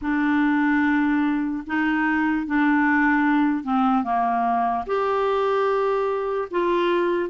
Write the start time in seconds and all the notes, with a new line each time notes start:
0.01 D4
1.66 D#4
2.46 D4
3.63 C4
4.03 A#3
4.86 G4
6.50 F4